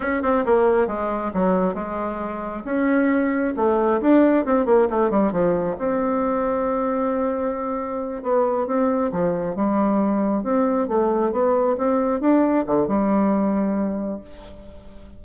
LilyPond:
\new Staff \with { instrumentName = "bassoon" } { \time 4/4 \tempo 4 = 135 cis'8 c'8 ais4 gis4 fis4 | gis2 cis'2 | a4 d'4 c'8 ais8 a8 g8 | f4 c'2.~ |
c'2~ c'8 b4 c'8~ | c'8 f4 g2 c'8~ | c'8 a4 b4 c'4 d'8~ | d'8 d8 g2. | }